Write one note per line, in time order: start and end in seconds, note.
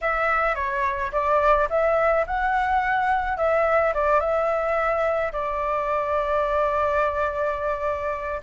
0.01 0.55 E5
0.55 1.11 C#5
1.12 1.68 D5
1.69 2.25 E5
2.26 3.37 F#5
3.37 3.93 E5
3.94 4.20 D5
4.20 5.32 E5
5.32 8.41 D5